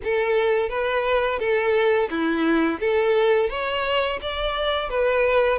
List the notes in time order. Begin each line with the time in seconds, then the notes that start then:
0.04 A4
0.69 B4
1.39 A4
2.09 E4
2.80 A4
3.49 C#5
4.21 D5
4.89 B4